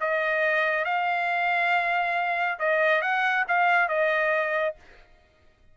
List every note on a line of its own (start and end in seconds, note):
0.00 0.85 D#5
0.85 2.58 F5
2.59 3.01 D#5
3.01 3.45 F#5
3.48 3.88 F5
3.88 4.75 D#5